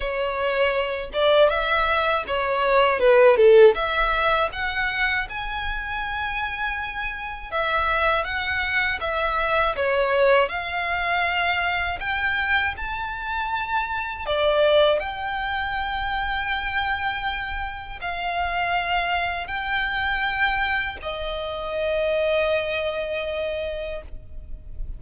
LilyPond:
\new Staff \with { instrumentName = "violin" } { \time 4/4 \tempo 4 = 80 cis''4. d''8 e''4 cis''4 | b'8 a'8 e''4 fis''4 gis''4~ | gis''2 e''4 fis''4 | e''4 cis''4 f''2 |
g''4 a''2 d''4 | g''1 | f''2 g''2 | dis''1 | }